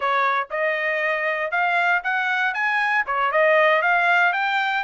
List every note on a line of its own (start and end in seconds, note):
0.00 0.48 C#5
0.50 1.51 D#5
1.51 2.02 F5
2.03 2.54 F#5
2.54 3.04 G#5
3.06 3.31 C#5
3.31 3.82 D#5
3.82 4.32 F5
4.32 4.83 G5